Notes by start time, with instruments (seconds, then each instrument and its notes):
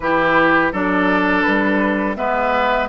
0.00 bassoon E3, clarinet E4, oboe G4, flute B4
0.72 bassoon F#3, clarinet D4, oboe A4, flute D5
1.42 bassoon G3, flute B4
2.16 bassoon G#3, clarinet B3, oboe B4, flute E5